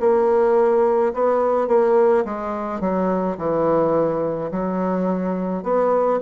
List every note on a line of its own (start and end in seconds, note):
0.00 1.13 A#3
1.14 1.68 B3
1.68 2.24 A#3
2.25 2.80 G#3
2.80 3.37 F#3
3.38 4.51 E3
4.51 5.63 F#3
5.63 6.20 B3